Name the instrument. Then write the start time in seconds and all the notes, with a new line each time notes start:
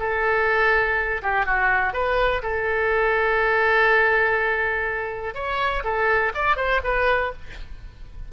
oboe
0.00 A4
1.23 G4
1.46 F#4
1.93 B4
2.43 A4
5.35 C#5
5.84 A4
6.35 D5
6.57 C5
6.84 B4